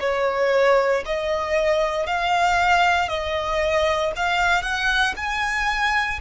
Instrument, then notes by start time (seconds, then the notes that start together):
violin
0.00 C#5
1.05 D#5
2.06 F5
3.08 D#5
4.16 F5
4.62 F#5
5.16 G#5